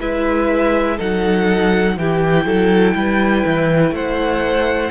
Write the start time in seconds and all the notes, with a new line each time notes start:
0.00 G#3 E4 B4 E5
0.97 F#3 D#4 A4 F#5
1.97 E3 E4 G4 G5
2.44 F#3 A4
2.94 G3 B4
3.45 E3
3.91 A3 C5 F#5